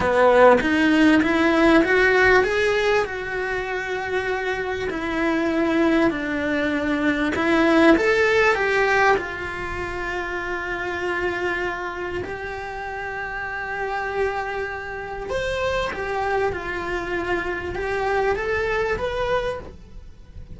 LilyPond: \new Staff \with { instrumentName = "cello" } { \time 4/4 \tempo 4 = 98 b4 dis'4 e'4 fis'4 | gis'4 fis'2. | e'2 d'2 | e'4 a'4 g'4 f'4~ |
f'1 | g'1~ | g'4 c''4 g'4 f'4~ | f'4 g'4 a'4 b'4 | }